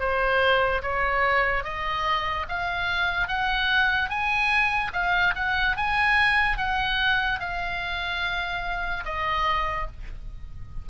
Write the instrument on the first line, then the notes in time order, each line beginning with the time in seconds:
oboe
0.00 C5
0.83 C#5
1.64 D#5
2.49 F5
3.28 F#5
4.09 G#5
4.94 F5
5.36 F#5
5.77 G#5
6.58 F#5
7.40 F5
9.05 D#5